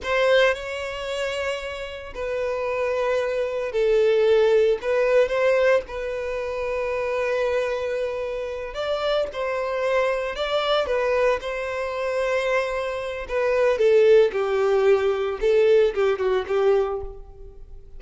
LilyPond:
\new Staff \with { instrumentName = "violin" } { \time 4/4 \tempo 4 = 113 c''4 cis''2. | b'2. a'4~ | a'4 b'4 c''4 b'4~ | b'1~ |
b'8 d''4 c''2 d''8~ | d''8 b'4 c''2~ c''8~ | c''4 b'4 a'4 g'4~ | g'4 a'4 g'8 fis'8 g'4 | }